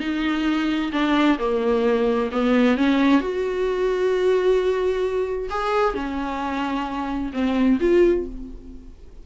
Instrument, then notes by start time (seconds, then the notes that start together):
viola
0.00 D#4
0.92 D4
1.38 A#3
2.32 B3
2.77 C#4
3.20 F#4
5.50 G#4
5.94 C#4
7.33 C4
7.80 F4